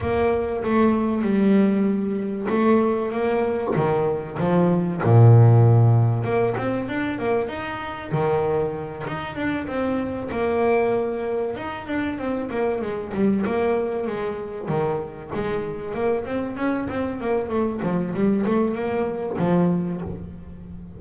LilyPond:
\new Staff \with { instrumentName = "double bass" } { \time 4/4 \tempo 4 = 96 ais4 a4 g2 | a4 ais4 dis4 f4 | ais,2 ais8 c'8 d'8 ais8 | dis'4 dis4. dis'8 d'8 c'8~ |
c'8 ais2 dis'8 d'8 c'8 | ais8 gis8 g8 ais4 gis4 dis8~ | dis8 gis4 ais8 c'8 cis'8 c'8 ais8 | a8 f8 g8 a8 ais4 f4 | }